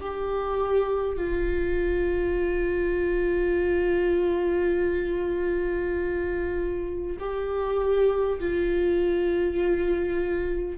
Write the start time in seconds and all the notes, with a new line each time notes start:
0.00 G4
1.17 F4
7.19 G4
8.39 F4